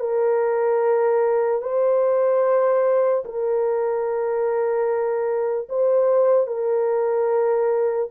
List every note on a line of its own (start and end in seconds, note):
0.00 1.62 A#4
1.62 3.24 C5
3.25 5.69 A#4
5.69 6.47 C5
6.47 8.09 A#4